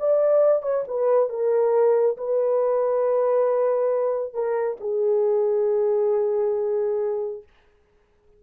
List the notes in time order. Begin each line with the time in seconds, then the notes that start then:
0.00 D5
0.63 C#5
0.88 B4
1.30 A#4
2.18 B4
4.34 A#4
4.81 G#4